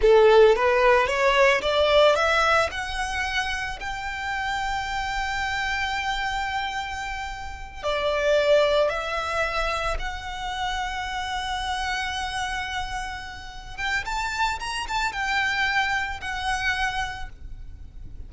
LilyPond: \new Staff \with { instrumentName = "violin" } { \time 4/4 \tempo 4 = 111 a'4 b'4 cis''4 d''4 | e''4 fis''2 g''4~ | g''1~ | g''2~ g''8 d''4.~ |
d''8 e''2 fis''4.~ | fis''1~ | fis''4. g''8 a''4 ais''8 a''8 | g''2 fis''2 | }